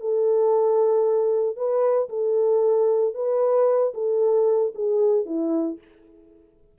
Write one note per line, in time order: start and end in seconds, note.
0.00 1.56 A4
1.56 2.09 B4
2.09 3.14 A4
3.14 3.93 B4
3.94 4.73 A4
4.75 5.26 G#4
5.26 5.78 E4